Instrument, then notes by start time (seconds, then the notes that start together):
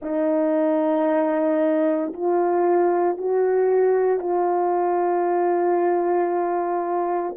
horn
0.02 D#4
2.13 F4
3.17 F#4
4.19 F4